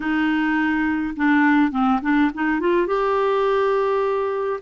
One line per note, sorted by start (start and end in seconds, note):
0.00 1.14 D#4
1.16 1.71 D4
1.71 2.00 C4
2.01 2.30 D4
2.34 2.60 D#4
2.60 2.87 F4
2.87 4.60 G4